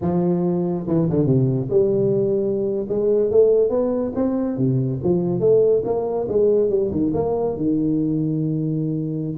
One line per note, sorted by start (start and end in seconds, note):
0.01 0.86 F3
0.87 1.09 E3
1.09 1.25 D3
1.25 1.68 C3
1.69 2.86 G3
2.88 3.30 G#3
3.30 3.69 A3
3.69 4.12 B3
4.15 4.57 C4
4.57 4.99 C3
5.03 5.40 F3
5.40 5.82 A3
5.84 6.27 A#3
6.28 6.69 G#3
6.69 6.90 G3
6.91 7.12 D#3
7.14 7.56 A#3
7.56 9.37 D#3